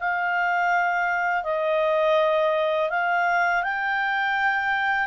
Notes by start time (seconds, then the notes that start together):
0.00 F5
1.43 D#5
2.90 F5
3.63 G5